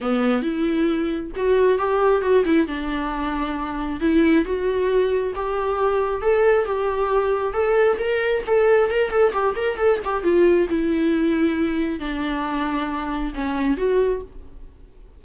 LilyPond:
\new Staff \with { instrumentName = "viola" } { \time 4/4 \tempo 4 = 135 b4 e'2 fis'4 | g'4 fis'8 e'8 d'2~ | d'4 e'4 fis'2 | g'2 a'4 g'4~ |
g'4 a'4 ais'4 a'4 | ais'8 a'8 g'8 ais'8 a'8 g'8 f'4 | e'2. d'4~ | d'2 cis'4 fis'4 | }